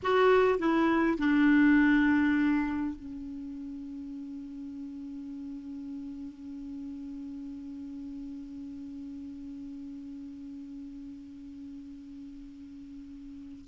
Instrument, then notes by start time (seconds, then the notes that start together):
clarinet
0.02 F#4
0.58 E4
1.17 D4
2.95 C#4